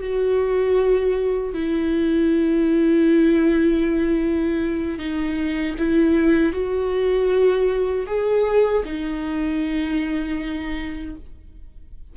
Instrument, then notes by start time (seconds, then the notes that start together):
viola
0.00 F#4
1.54 E4
4.99 D#4
5.79 E4
6.52 F#4
8.07 G#4
8.85 D#4